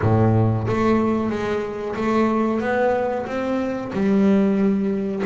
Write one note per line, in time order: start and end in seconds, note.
0.01 0.67 A2
0.67 1.30 A3
1.30 1.95 G#3
1.95 2.60 A3
2.60 3.25 B3
3.26 3.91 C4
3.92 5.23 G3